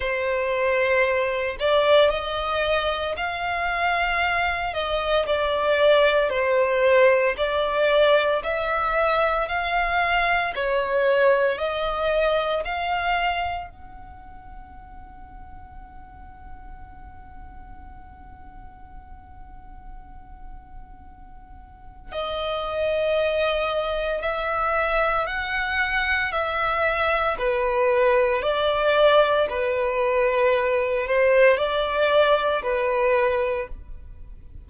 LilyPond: \new Staff \with { instrumentName = "violin" } { \time 4/4 \tempo 4 = 57 c''4. d''8 dis''4 f''4~ | f''8 dis''8 d''4 c''4 d''4 | e''4 f''4 cis''4 dis''4 | f''4 fis''2.~ |
fis''1~ | fis''4 dis''2 e''4 | fis''4 e''4 b'4 d''4 | b'4. c''8 d''4 b'4 | }